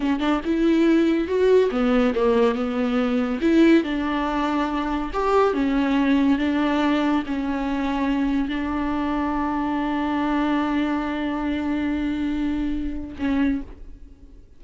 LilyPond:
\new Staff \with { instrumentName = "viola" } { \time 4/4 \tempo 4 = 141 cis'8 d'8 e'2 fis'4 | b4 ais4 b2 | e'4 d'2. | g'4 cis'2 d'4~ |
d'4 cis'2. | d'1~ | d'1~ | d'2. cis'4 | }